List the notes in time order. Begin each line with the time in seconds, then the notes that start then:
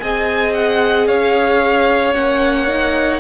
0.00 C4 G#4 D#5 G#5
0.54 F#5
1.07 C#4 C#5 F5
2.14 A#3 C#4 F#5
2.68 D#4